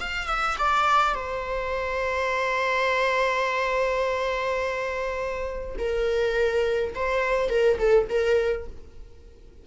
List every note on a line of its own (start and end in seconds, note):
0.00 0.27 F5
0.27 0.56 E5
0.58 1.14 D5
1.14 5.76 C5
5.78 6.94 A#4
6.95 7.49 C5
7.49 7.78 A#4
7.79 8.07 A4
8.09 8.67 A#4